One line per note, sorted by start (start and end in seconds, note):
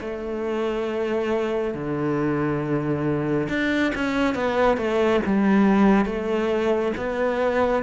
0.00 1.74 A3
1.74 3.48 D3
3.49 3.92 D4
3.95 4.34 C#4
4.34 4.77 B3
4.77 5.21 A3
5.26 6.05 G3
6.05 6.92 A3
6.97 7.83 B3